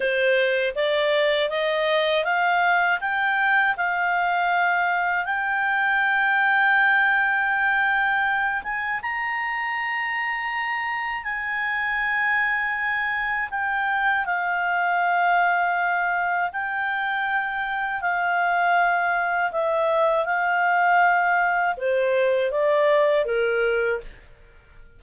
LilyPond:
\new Staff \with { instrumentName = "clarinet" } { \time 4/4 \tempo 4 = 80 c''4 d''4 dis''4 f''4 | g''4 f''2 g''4~ | g''2.~ g''8 gis''8 | ais''2. gis''4~ |
gis''2 g''4 f''4~ | f''2 g''2 | f''2 e''4 f''4~ | f''4 c''4 d''4 ais'4 | }